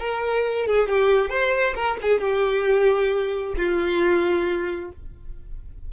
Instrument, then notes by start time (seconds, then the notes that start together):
violin
0.00 A#4
0.67 G#4
0.89 G4
1.30 C5
1.75 A#4
2.02 G#4
2.21 G4
3.57 F4